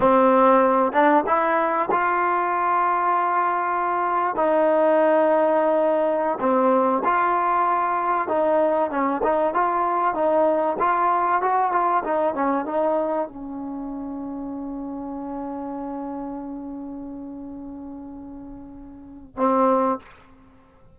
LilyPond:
\new Staff \with { instrumentName = "trombone" } { \time 4/4 \tempo 4 = 96 c'4. d'8 e'4 f'4~ | f'2. dis'4~ | dis'2~ dis'16 c'4 f'8.~ | f'4~ f'16 dis'4 cis'8 dis'8 f'8.~ |
f'16 dis'4 f'4 fis'8 f'8 dis'8 cis'16~ | cis'16 dis'4 cis'2~ cis'8.~ | cis'1~ | cis'2. c'4 | }